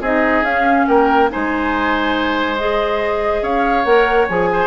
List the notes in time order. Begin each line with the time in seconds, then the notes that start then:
0.00 C4 D#4 G#4 D#5
0.42 C#4 F5
0.87 A#3 A#4 G5
1.29 G#3 D#4 C5 G#5
2.58 G#4 D#5
3.42 C#4 C#5 F5
3.84 A#3 A#4 F#5
4.28 F3 G#4 G#5
4.52 C5